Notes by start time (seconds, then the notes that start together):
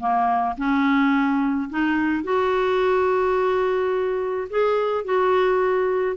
0.00 A#3
0.58 C#4
1.70 D#4
2.24 F#4
4.50 G#4
5.05 F#4